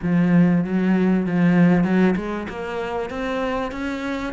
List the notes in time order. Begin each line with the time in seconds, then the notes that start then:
0.02 F3
0.64 F#3
1.26 F3
1.84 F#3
2.16 G#3
2.48 A#3
3.09 C4
3.71 C#4